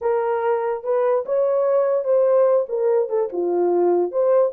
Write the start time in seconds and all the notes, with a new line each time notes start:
0.01 A#4
0.83 B4
1.25 C#5
2.04 C5
2.68 A#4
3.09 A4
3.32 F4
4.11 C5